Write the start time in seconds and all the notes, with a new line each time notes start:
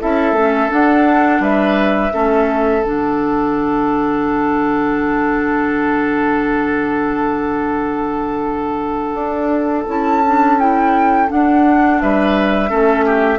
0.00 C#4 E4 A4 E5
0.32 A3 C#4
0.69 D4 F#5
1.39 G3 B4 E5
2.12 A3 C#4 A4
2.82 D3 D4 F#5
9.13 D4
9.87 C#4 E4 A5
10.25 D4
10.59 E4 G5
11.27 D4 F#5
12.00 G3 B4 E5
12.68 A3 C#4 A4
13.05 G4